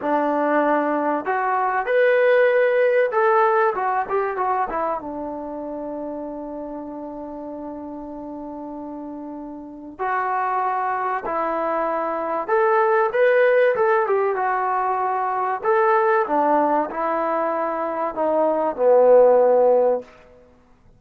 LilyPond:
\new Staff \with { instrumentName = "trombone" } { \time 4/4 \tempo 4 = 96 d'2 fis'4 b'4~ | b'4 a'4 fis'8 g'8 fis'8 e'8 | d'1~ | d'1 |
fis'2 e'2 | a'4 b'4 a'8 g'8 fis'4~ | fis'4 a'4 d'4 e'4~ | e'4 dis'4 b2 | }